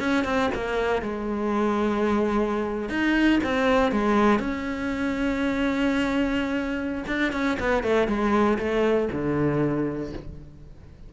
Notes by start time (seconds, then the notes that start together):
0.00 C#4
0.25 C4
0.55 A#3
1.02 G#3
2.90 D#4
3.44 C4
3.92 G#3
4.40 C#4
7.07 D4
7.33 C#4
7.60 B3
7.83 A3
8.08 G#3
8.59 A3
9.13 D3